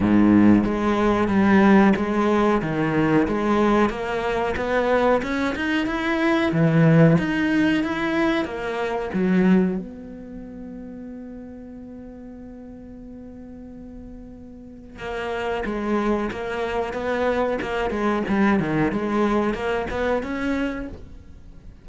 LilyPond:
\new Staff \with { instrumentName = "cello" } { \time 4/4 \tempo 4 = 92 gis,4 gis4 g4 gis4 | dis4 gis4 ais4 b4 | cis'8 dis'8 e'4 e4 dis'4 | e'4 ais4 fis4 b4~ |
b1~ | b2. ais4 | gis4 ais4 b4 ais8 gis8 | g8 dis8 gis4 ais8 b8 cis'4 | }